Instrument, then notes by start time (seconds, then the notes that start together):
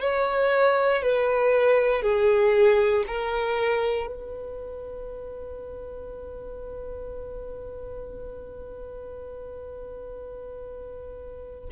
violin
0.00 C#5
1.02 B4
2.02 G#4
3.07 A#4
4.06 B4